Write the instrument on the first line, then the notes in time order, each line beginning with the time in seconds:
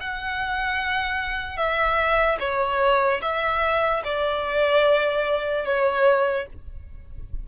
violin
0.00 F#5
1.57 E5
2.40 C#5
3.21 E5
4.04 D5
5.65 C#5